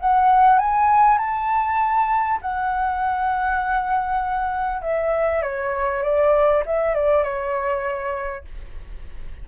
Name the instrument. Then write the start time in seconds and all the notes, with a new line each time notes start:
flute
0.00 F#5
0.59 G#5
1.18 A5
2.41 F#5
4.82 E5
5.42 C#5
6.03 D5
6.66 E5
6.95 D5
7.24 C#5